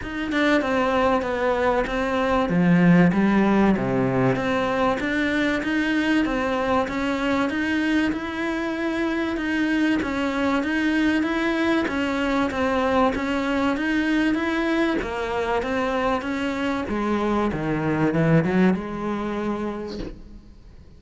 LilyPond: \new Staff \with { instrumentName = "cello" } { \time 4/4 \tempo 4 = 96 dis'8 d'8 c'4 b4 c'4 | f4 g4 c4 c'4 | d'4 dis'4 c'4 cis'4 | dis'4 e'2 dis'4 |
cis'4 dis'4 e'4 cis'4 | c'4 cis'4 dis'4 e'4 | ais4 c'4 cis'4 gis4 | dis4 e8 fis8 gis2 | }